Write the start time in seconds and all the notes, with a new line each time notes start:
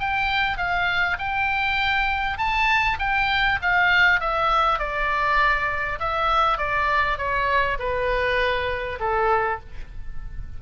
0.00 G5
0.58 F5
1.19 G5
2.38 A5
2.99 G5
3.62 F5
4.20 E5
4.79 D5
6.00 E5
6.58 D5
7.18 C#5
7.79 B4
9.00 A4